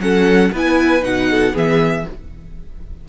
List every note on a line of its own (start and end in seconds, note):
0.00 0.51 F#3
0.00 0.53 C#4
0.00 0.52 A4
0.00 0.52 F#5
0.52 1.04 B3
0.52 1.02 E4
0.52 1.29 B4
0.52 1.04 G#5
1.02 1.54 B2
1.02 1.54 D#4
1.02 1.55 F#5
1.31 1.54 A4
1.54 2.06 E3
1.54 2.05 B3
1.54 2.05 G#4
1.54 2.09 E5